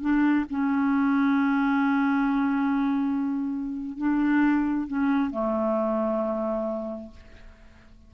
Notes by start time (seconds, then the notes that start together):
0.00 D4
0.49 C#4
3.97 D4
4.87 C#4
5.30 A3